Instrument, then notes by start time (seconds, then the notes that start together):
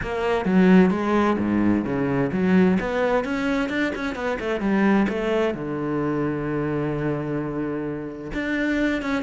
cello
0.02 A#3
0.45 F#3
0.90 G#3
1.38 G#2
1.84 C#3
2.32 F#3
2.79 B3
3.24 C#4
3.69 D4
3.95 C#4
4.15 B3
4.39 A3
4.60 G3
5.09 A3
5.54 D3
8.33 D4
9.01 C#4